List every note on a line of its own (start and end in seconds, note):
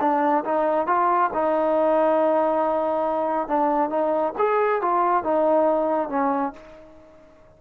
0.00 0.44 D4
0.45 0.86 D#4
0.86 1.30 F4
1.33 3.48 D#4
3.48 3.89 D4
3.89 4.33 D#4
4.38 4.81 G#4
4.81 5.23 F4
5.23 6.09 D#4
6.09 6.53 C#4